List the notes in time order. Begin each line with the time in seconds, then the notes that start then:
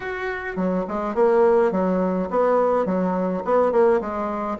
0.00 F#4
0.56 F#3
0.88 G#3
1.14 A#3
1.71 F#3
2.30 B3
2.85 F#3
3.44 B3
3.71 A#3
4.00 G#3